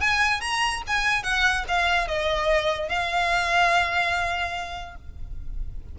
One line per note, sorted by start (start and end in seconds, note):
0.00 0.41 G#5
0.41 0.82 A#5
0.87 1.23 G#5
1.23 1.64 F#5
1.68 2.07 F5
2.07 2.88 D#5
2.88 4.95 F5